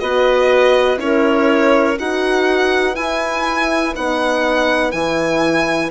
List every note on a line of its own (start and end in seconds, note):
0.00 0.98 B3
0.00 0.97 F#4
0.00 1.00 B4
0.00 0.98 D#5
0.97 1.96 C#4
0.97 1.95 E4
0.97 1.98 C#5
1.03 2.00 A#4
1.99 2.97 D#4
1.99 2.94 F#4
1.99 5.91 B4
1.99 2.95 F#5
2.94 3.93 E4
2.94 3.95 E4
2.94 3.94 G#5
3.94 4.93 B3
3.94 4.93 D#4
3.94 4.92 F#5
4.92 5.91 E3
4.92 5.91 E4
4.92 5.90 G#5